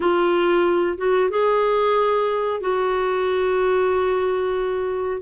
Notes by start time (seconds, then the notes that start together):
0.00 F4
0.97 F#4
1.30 G#4
2.60 F#4